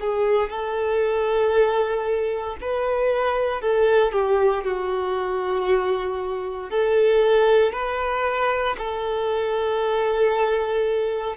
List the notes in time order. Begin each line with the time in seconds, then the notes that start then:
0.00 G#4
0.50 A4
2.61 B4
3.61 A4
4.12 G4
4.64 F#4
6.70 A4
7.73 B4
8.77 A4